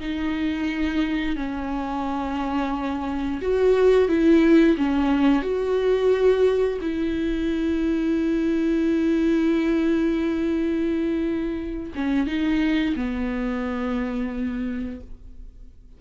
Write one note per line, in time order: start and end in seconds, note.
0.00 1.36 D#4
1.36 3.40 C#4
3.42 4.08 F#4
4.08 4.76 E4
4.77 5.42 C#4
5.42 6.78 F#4
6.81 11.93 E4
11.95 12.26 C#4
12.26 12.95 D#4
12.95 15.00 B3